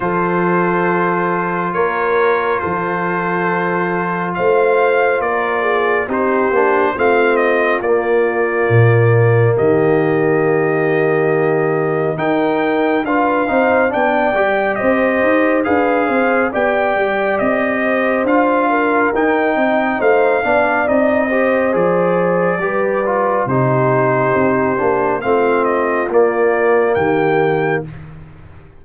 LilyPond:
<<
  \new Staff \with { instrumentName = "trumpet" } { \time 4/4 \tempo 4 = 69 c''2 cis''4 c''4~ | c''4 f''4 d''4 c''4 | f''8 dis''8 d''2 dis''4~ | dis''2 g''4 f''4 |
g''4 dis''4 f''4 g''4 | dis''4 f''4 g''4 f''4 | dis''4 d''2 c''4~ | c''4 f''8 dis''8 d''4 g''4 | }
  \new Staff \with { instrumentName = "horn" } { \time 4/4 a'2 ais'4 a'4~ | a'4 c''4 ais'8 gis'8 g'4 | f'2. g'4~ | g'2 ais'4 b'8 c''8 |
d''4 c''4 b'8 c''8 d''4~ | d''8 c''4 ais'4 dis''8 c''8 d''8~ | d''8 c''4. b'4 g'4~ | g'4 f'2 g'4 | }
  \new Staff \with { instrumentName = "trombone" } { \time 4/4 f'1~ | f'2. dis'8 d'8 | c'4 ais2.~ | ais2 dis'4 f'8 dis'8 |
d'8 g'4. gis'4 g'4~ | g'4 f'4 dis'4. d'8 | dis'8 g'8 gis'4 g'8 f'8 dis'4~ | dis'8 d'8 c'4 ais2 | }
  \new Staff \with { instrumentName = "tuba" } { \time 4/4 f2 ais4 f4~ | f4 a4 ais4 c'8 ais8 | a4 ais4 ais,4 dis4~ | dis2 dis'4 d'8 c'8 |
b8 g8 c'8 dis'8 d'8 c'8 b8 g8 | c'4 d'4 dis'8 c'8 a8 b8 | c'4 f4 g4 c4 | c'8 ais8 a4 ais4 dis4 | }
>>